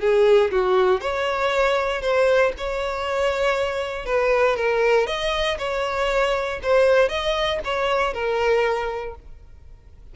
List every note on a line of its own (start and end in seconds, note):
0.00 0.51 G#4
0.51 1.01 F#4
1.01 2.02 C#5
2.02 2.53 C5
2.58 4.06 C#5
4.06 4.57 B4
4.57 5.07 A#4
5.07 5.58 D#5
5.59 6.60 C#5
6.63 7.09 C5
7.09 7.60 D#5
7.64 8.14 C#5
8.14 9.15 A#4